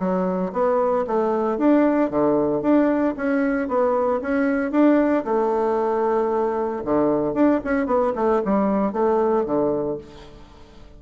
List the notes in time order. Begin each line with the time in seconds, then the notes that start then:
0.00 F#3
0.53 B3
1.07 A3
1.58 D4
2.11 D3
2.62 D4
3.17 C#4
3.68 B3
4.22 C#4
4.72 D4
5.25 A3
6.85 D3
7.34 D4
7.65 C#4
7.87 B3
8.16 A3
8.45 G3
8.93 A3
9.46 D3